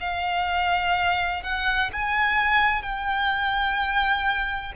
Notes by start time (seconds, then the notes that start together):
0.00 F5
1.43 F#5
1.93 G#5
2.82 G5